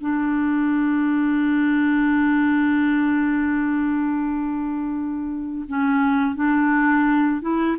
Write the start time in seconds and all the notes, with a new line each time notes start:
0.00 D4
5.68 C#4
6.35 D4
7.41 E4